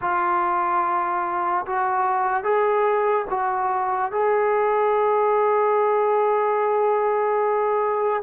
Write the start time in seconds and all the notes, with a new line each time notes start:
0.01 F4
1.66 F#4
2.43 G#4
3.30 F#4
4.11 G#4